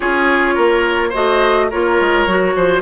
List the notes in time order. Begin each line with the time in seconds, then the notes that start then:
0.00 C#4 F4 G#4 C#5
0.54 A#3 A#4
1.09 F#4 C5 D#5
1.15 A3
1.70 A#3 F4 A#4 C#5
2.00 G#3
2.26 F#3 F#4
2.55 F3 C5